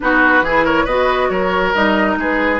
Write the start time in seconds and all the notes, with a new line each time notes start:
0.00 B3 D#4 F#4 B4
0.41 E3 E4 G#4
0.65 A#4 C#5
0.84 B3 F#4 B4 D#5
1.29 F#3 A#4 C#5
1.74 G3 D#4 D#5
2.17 G#3 G#4 B4